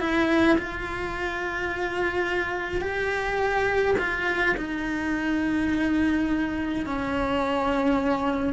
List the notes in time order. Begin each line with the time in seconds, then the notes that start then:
0.00 E4
0.58 F4
2.81 G4
3.99 F4
4.57 D#4
6.86 C#4